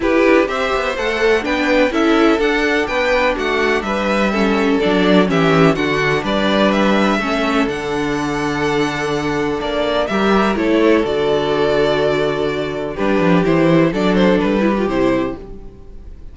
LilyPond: <<
  \new Staff \with { instrumentName = "violin" } { \time 4/4 \tempo 4 = 125 b'4 e''4 fis''4 g''4 | e''4 fis''4 g''4 fis''4 | e''2 d''4 e''4 | fis''4 d''4 e''2 |
fis''1 | d''4 e''4 cis''4 d''4~ | d''2. b'4 | c''4 d''8 c''8 b'4 c''4 | }
  \new Staff \with { instrumentName = "violin" } { \time 4/4 g'4 c''2 b'4 | a'2 b'4 fis'4 | b'4 a'2 g'4 | fis'4 b'2 a'4~ |
a'1~ | a'4 ais'4 a'2~ | a'2. g'4~ | g'4 a'4. g'4. | }
  \new Staff \with { instrumentName = "viola" } { \time 4/4 e'4 g'4 a'4 d'4 | e'4 d'2.~ | d'4 cis'4 d'4 cis'4 | d'2. cis'4 |
d'1~ | d'4 g'4 e'4 fis'4~ | fis'2. d'4 | e'4 d'4. e'16 f'16 e'4 | }
  \new Staff \with { instrumentName = "cello" } { \time 4/4 e'8 d'8 c'8 b8 a4 b4 | cis'4 d'4 b4 a4 | g2 fis4 e4 | d4 g2 a4 |
d1 | ais4 g4 a4 d4~ | d2. g8 f8 | e4 fis4 g4 c4 | }
>>